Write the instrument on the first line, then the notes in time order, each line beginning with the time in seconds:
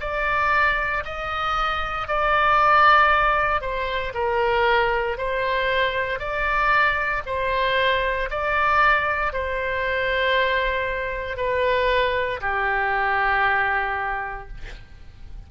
oboe
0.00 D5
1.05 D#5
2.07 D5
3.61 C5
4.14 A#4
5.18 C5
6.19 D5
7.26 C5
8.30 D5
9.33 C5
11.37 B4
12.41 G4